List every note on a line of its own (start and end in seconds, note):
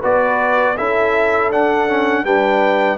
0.00 0.78 B3
0.00 0.76 F#4
0.00 0.74 B4
0.00 0.77 D5
0.77 1.52 C#4
0.77 1.51 E4
0.77 2.24 A4
0.77 1.51 E5
1.51 1.88 D4
1.51 2.24 D4
1.51 2.25 F#5
1.88 2.25 C#4
2.24 2.98 G3
2.24 2.98 D4
2.24 2.98 B4
2.24 2.98 G5